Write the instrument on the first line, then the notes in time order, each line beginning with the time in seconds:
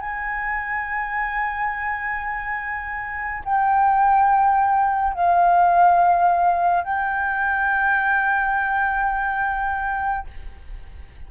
flute
0.00 G#5
3.44 G5
5.14 F5
6.84 G5